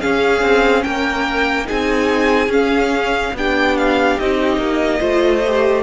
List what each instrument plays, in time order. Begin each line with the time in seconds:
0.00 viola C#4, cello C#4, violin G#4 F5
0.41 cello C4
0.83 cello A#3, violin A#4 G5
1.65 cello C4, viola D#4, violin G#4 G#5
2.48 cello C#4, viola C#4, violin F5
3.33 cello B3, viola D4, violin G4 G5
3.77 violin F5
4.19 cello C4, viola D#4, violin D#5
4.57 cello A#3
4.99 cello A3, viola F4, violin C5
5.46 viola G4